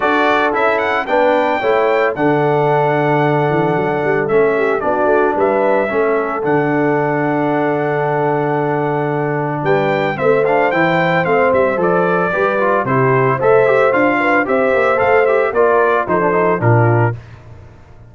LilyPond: <<
  \new Staff \with { instrumentName = "trumpet" } { \time 4/4 \tempo 4 = 112 d''4 e''8 fis''8 g''2 | fis''1 | e''4 d''4 e''2 | fis''1~ |
fis''2 g''4 e''8 f''8 | g''4 f''8 e''8 d''2 | c''4 e''4 f''4 e''4 | f''8 e''8 d''4 c''4 ais'4 | }
  \new Staff \with { instrumentName = "horn" } { \time 4/4 a'2 b'4 cis''4 | a'1~ | a'8 g'8 fis'4 b'4 a'4~ | a'1~ |
a'2 b'4 c''4~ | c''2. b'4 | g'4 c''4. b'8 c''4~ | c''4 ais'4 a'4 f'4 | }
  \new Staff \with { instrumentName = "trombone" } { \time 4/4 fis'4 e'4 d'4 e'4 | d'1 | cis'4 d'2 cis'4 | d'1~ |
d'2. c'8 d'8 | e'4 c'4 a'4 g'8 f'8 | e'4 a'8 g'8 f'4 g'4 | a'8 g'8 f'4 dis'16 d'16 dis'8 d'4 | }
  \new Staff \with { instrumentName = "tuba" } { \time 4/4 d'4 cis'4 b4 a4 | d2~ d8 e8 fis8 g8 | a4 b8 a8 g4 a4 | d1~ |
d2 g4 a4 | e4 a8 g8 f4 g4 | c4 a4 d'4 c'8 ais8 | a4 ais4 f4 ais,4 | }
>>